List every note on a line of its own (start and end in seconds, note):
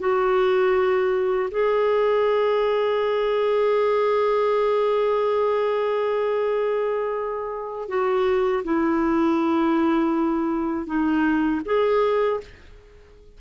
0.00 1.50 F#4
1.51 7.89 G#4
7.89 8.64 F#4
8.65 10.87 E4
10.87 11.62 D#4
11.66 12.41 G#4